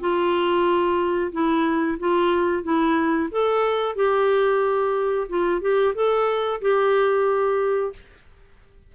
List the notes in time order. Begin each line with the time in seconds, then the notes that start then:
0.00 F4
1.32 E4
1.99 F4
2.63 E4
3.31 A4
3.96 G4
5.29 F4
5.61 G4
5.95 A4
6.61 G4